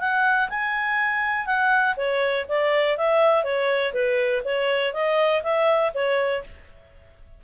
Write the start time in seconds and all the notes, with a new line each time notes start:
0.00 F#5
0.50 G#5
1.46 F#5
1.97 C#5
2.49 D5
2.98 E5
3.44 C#5
3.94 B4
4.45 C#5
4.94 D#5
5.43 E5
5.94 C#5